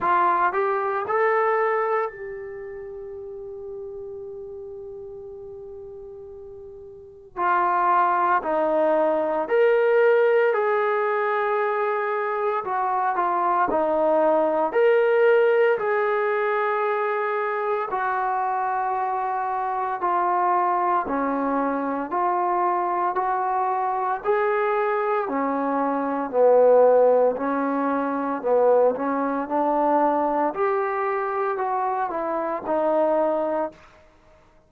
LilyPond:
\new Staff \with { instrumentName = "trombone" } { \time 4/4 \tempo 4 = 57 f'8 g'8 a'4 g'2~ | g'2. f'4 | dis'4 ais'4 gis'2 | fis'8 f'8 dis'4 ais'4 gis'4~ |
gis'4 fis'2 f'4 | cis'4 f'4 fis'4 gis'4 | cis'4 b4 cis'4 b8 cis'8 | d'4 g'4 fis'8 e'8 dis'4 | }